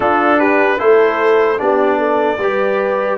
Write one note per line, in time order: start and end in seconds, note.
0.00 0.78 D4
0.00 0.79 D4
0.00 0.38 F4
0.00 0.39 A4
0.38 0.78 G4
0.38 0.79 B4
0.78 1.59 A3
0.78 1.57 E4
0.78 1.59 A4
0.78 1.59 C5
1.57 2.38 B3
1.57 2.37 D4
1.57 1.98 G4
1.57 3.18 D5
1.98 2.38 A4
2.38 3.18 G3
2.38 3.18 G4
2.38 3.18 B4